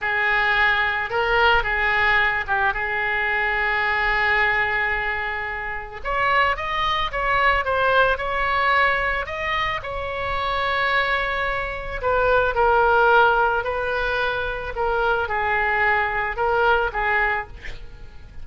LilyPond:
\new Staff \with { instrumentName = "oboe" } { \time 4/4 \tempo 4 = 110 gis'2 ais'4 gis'4~ | gis'8 g'8 gis'2.~ | gis'2. cis''4 | dis''4 cis''4 c''4 cis''4~ |
cis''4 dis''4 cis''2~ | cis''2 b'4 ais'4~ | ais'4 b'2 ais'4 | gis'2 ais'4 gis'4 | }